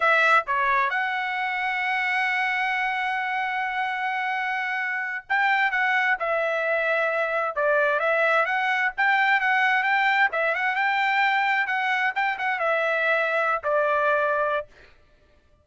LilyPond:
\new Staff \with { instrumentName = "trumpet" } { \time 4/4 \tempo 4 = 131 e''4 cis''4 fis''2~ | fis''1~ | fis''2.~ fis''8 g''8~ | g''8 fis''4 e''2~ e''8~ |
e''8 d''4 e''4 fis''4 g''8~ | g''8 fis''4 g''4 e''8 fis''8 g''8~ | g''4. fis''4 g''8 fis''8 e''8~ | e''4.~ e''16 d''2~ d''16 | }